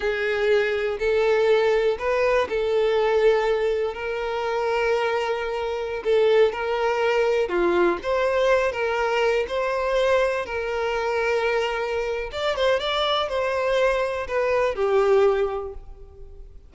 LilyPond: \new Staff \with { instrumentName = "violin" } { \time 4/4 \tempo 4 = 122 gis'2 a'2 | b'4 a'2. | ais'1~ | ais'16 a'4 ais'2 f'8.~ |
f'16 c''4. ais'4. c''8.~ | c''4~ c''16 ais'2~ ais'8.~ | ais'4 d''8 c''8 d''4 c''4~ | c''4 b'4 g'2 | }